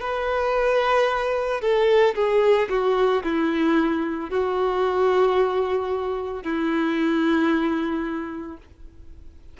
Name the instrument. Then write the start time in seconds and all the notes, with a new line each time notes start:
violin
0.00 B4
1.61 A4
2.15 G#4
2.69 F#4
3.23 E4
4.30 F#4
6.43 E4